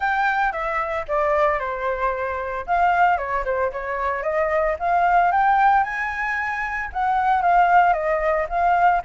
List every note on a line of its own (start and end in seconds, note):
0.00 0.52 G5
0.52 1.05 E5
1.07 1.59 D5
1.59 2.65 C5
2.66 3.17 F5
3.17 3.44 C#5
3.44 3.71 C5
3.72 4.23 C#5
4.23 4.76 D#5
4.79 5.31 F5
5.31 5.83 G5
5.83 6.90 G#5
6.93 7.42 F#5
7.42 7.93 F5
7.93 8.46 D#5
8.49 9.02 F5